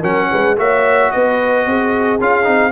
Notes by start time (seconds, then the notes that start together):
0.00 F#3 C#4 A#4 F#5
0.31 G#3 B4
0.57 A#3 F#4 C#5 E5
1.11 B3 B4 D#5
1.66 C4 G#4
2.20 C#4 F4 F5
2.44 C4 D#4